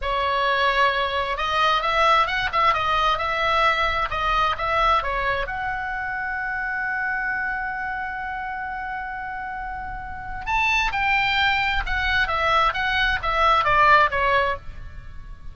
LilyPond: \new Staff \with { instrumentName = "oboe" } { \time 4/4 \tempo 4 = 132 cis''2. dis''4 | e''4 fis''8 e''8 dis''4 e''4~ | e''4 dis''4 e''4 cis''4 | fis''1~ |
fis''1~ | fis''2. a''4 | g''2 fis''4 e''4 | fis''4 e''4 d''4 cis''4 | }